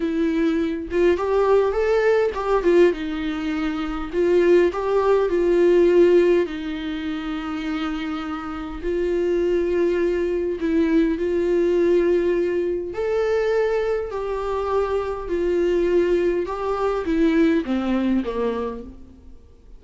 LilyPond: \new Staff \with { instrumentName = "viola" } { \time 4/4 \tempo 4 = 102 e'4. f'8 g'4 a'4 | g'8 f'8 dis'2 f'4 | g'4 f'2 dis'4~ | dis'2. f'4~ |
f'2 e'4 f'4~ | f'2 a'2 | g'2 f'2 | g'4 e'4 c'4 ais4 | }